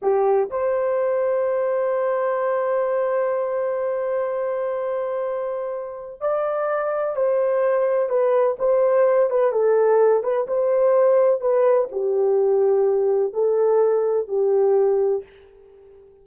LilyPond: \new Staff \with { instrumentName = "horn" } { \time 4/4 \tempo 4 = 126 g'4 c''2.~ | c''1~ | c''1~ | c''4 d''2 c''4~ |
c''4 b'4 c''4. b'8 | a'4. b'8 c''2 | b'4 g'2. | a'2 g'2 | }